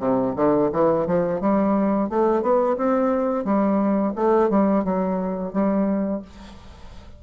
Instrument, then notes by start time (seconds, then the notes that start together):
bassoon
0.00 C3
0.36 D3
0.72 E3
1.07 F3
1.41 G3
2.09 A3
2.42 B3
2.77 C4
3.45 G3
4.16 A3
4.50 G3
4.85 F#3
5.53 G3